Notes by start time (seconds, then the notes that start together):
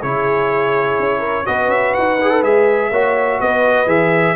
0.00 C#3 E4 G#4 C#5
0.99 C#4
1.19 A#4
1.45 B3 F#4 B4 D#5
1.68 C#4 E5
1.94 D#4 F#5
2.21 G#4
2.31 A4
2.42 G#3 G#4 E5
2.91 A#3 F#4 C#5
3.41 B3 B4 D#5
3.86 E3 G#4 E5